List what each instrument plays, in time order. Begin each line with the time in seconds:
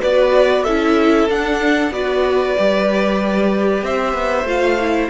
0.00 cello B3, viola F#4, violin B4 D5
0.63 cello C#4, viola E4, violin A4 E5
1.29 cello D4, viola D4, violin F#5
1.91 cello B3, viola F#4, violin B4 D5
2.58 cello G3, viola G4
3.82 cello C4, violin C5 E5
4.13 cello B3
4.44 cello A3, viola F4, violin F5
4.80 viola E4